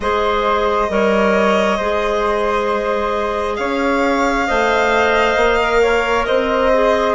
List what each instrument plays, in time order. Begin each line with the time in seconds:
0.00 bassoon G#3, clarinet G#4, flute C5, violin D#5
0.89 bassoon G3, clarinet A#4, flute C#5
1.77 bassoon G#3, clarinet G#4, flute C5
3.56 bassoon C#4, flute C#5, violin F5
4.46 bassoon A3, clarinet C5, flute D#5
5.35 bassoon A#3
5.60 clarinet A#4
5.81 flute C#5
6.25 bassoon C4, flute C5, violin D#5
6.73 clarinet G#4